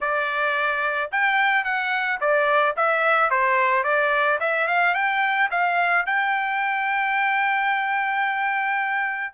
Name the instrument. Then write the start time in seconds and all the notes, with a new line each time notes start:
trumpet
0.00 D5
1.11 G5
1.64 F#5
2.20 D5
2.76 E5
3.30 C5
3.83 D5
4.40 E5
4.67 F5
4.94 G5
5.50 F5
6.06 G5